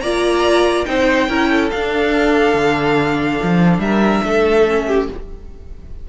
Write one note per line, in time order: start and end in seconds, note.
0.00 0.86 A#3
0.00 0.85 F4
0.00 0.87 D5
0.00 0.85 A#5
0.85 1.29 C4
0.85 1.28 D#4
0.85 1.29 C5
0.85 1.70 G5
1.29 1.71 C#4
1.29 1.71 E4
1.29 1.49 A#4
1.49 3.81 A4
1.70 2.54 D4
1.70 4.67 D4
1.70 3.80 F5
2.54 3.39 D3
3.43 3.78 F3
3.78 4.21 G3
3.78 4.24 A#4
3.78 5.07 E5
4.24 5.08 A3
4.24 4.87 A4
4.67 5.09 C#4
4.87 5.08 G4